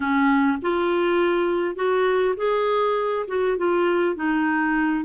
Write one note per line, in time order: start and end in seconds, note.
0.00 0.58 C#4
0.62 1.75 F4
1.75 2.35 F#4
2.37 3.26 G#4
3.27 3.57 F#4
3.57 4.15 F4
4.15 5.04 D#4